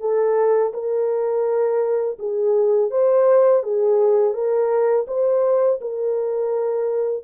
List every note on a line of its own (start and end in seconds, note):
0.00 0.72 A4
0.73 2.18 A#4
2.19 2.90 G#4
2.90 3.63 C5
3.63 4.33 G#4
4.33 5.06 A#4
5.07 5.80 C5
5.81 7.24 A#4